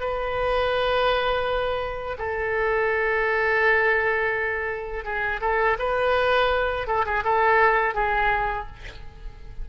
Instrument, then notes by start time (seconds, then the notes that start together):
oboe
0.00 B4
2.18 A4
5.04 G#4
5.41 A4
5.79 B4
6.87 A4
7.05 G#4
7.24 A4
7.94 G#4